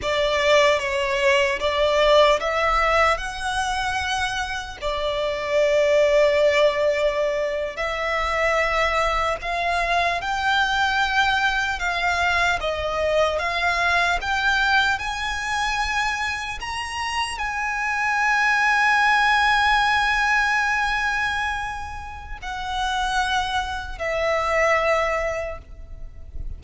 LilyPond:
\new Staff \with { instrumentName = "violin" } { \time 4/4 \tempo 4 = 75 d''4 cis''4 d''4 e''4 | fis''2 d''2~ | d''4.~ d''16 e''2 f''16~ | f''8. g''2 f''4 dis''16~ |
dis''8. f''4 g''4 gis''4~ gis''16~ | gis''8. ais''4 gis''2~ gis''16~ | gis''1 | fis''2 e''2 | }